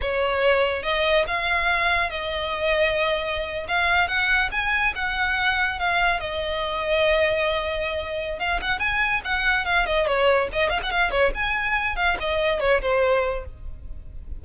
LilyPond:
\new Staff \with { instrumentName = "violin" } { \time 4/4 \tempo 4 = 143 cis''2 dis''4 f''4~ | f''4 dis''2.~ | dis''8. f''4 fis''4 gis''4 fis''16~ | fis''4.~ fis''16 f''4 dis''4~ dis''16~ |
dis''1 | f''8 fis''8 gis''4 fis''4 f''8 dis''8 | cis''4 dis''8 f''16 fis''16 f''8 cis''8 gis''4~ | gis''8 f''8 dis''4 cis''8 c''4. | }